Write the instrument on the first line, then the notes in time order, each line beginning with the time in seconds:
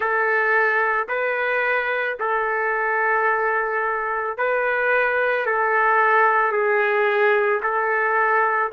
trumpet
0.00 A4
1.08 B4
2.19 A4
4.37 B4
5.45 A4
6.52 G#4
7.62 A4